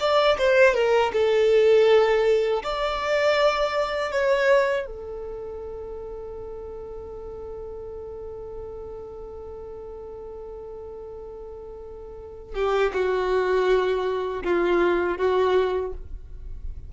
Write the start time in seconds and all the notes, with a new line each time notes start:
0.00 D5
0.38 C5
0.75 A#4
1.13 A4
2.63 D5
4.11 C#5
4.86 A4
12.55 G4
12.93 F#4
14.43 F4
15.18 F#4